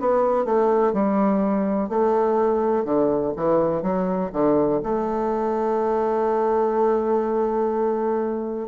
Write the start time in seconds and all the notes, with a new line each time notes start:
0.00 B3
0.46 A3
0.94 G3
1.90 A3
2.85 D3
3.37 E3
3.83 F#3
4.33 D3
4.84 A3